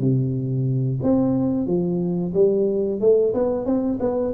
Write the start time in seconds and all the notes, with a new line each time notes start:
0.00 C3
1.03 C4
1.67 F3
2.35 G3
3.01 A3
3.35 B3
3.66 C4
4.01 B3